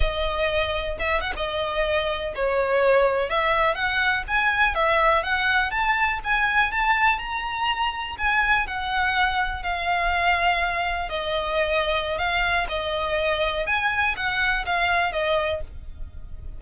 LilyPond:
\new Staff \with { instrumentName = "violin" } { \time 4/4 \tempo 4 = 123 dis''2 e''8 fis''16 dis''4~ dis''16~ | dis''8. cis''2 e''4 fis''16~ | fis''8. gis''4 e''4 fis''4 a''16~ | a''8. gis''4 a''4 ais''4~ ais''16~ |
ais''8. gis''4 fis''2 f''16~ | f''2~ f''8. dis''4~ dis''16~ | dis''4 f''4 dis''2 | gis''4 fis''4 f''4 dis''4 | }